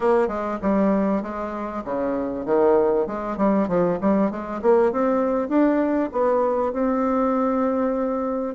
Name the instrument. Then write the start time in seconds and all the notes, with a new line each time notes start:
bassoon
0.00 A#3
0.28 G#3
0.62 G3
1.22 G#3
1.84 C#3
2.45 D#3
3.06 G#3
3.37 G3
3.68 F3
4.00 G3
4.30 G#3
4.62 A#3
4.91 C4
5.48 D4
6.12 B3
6.72 C4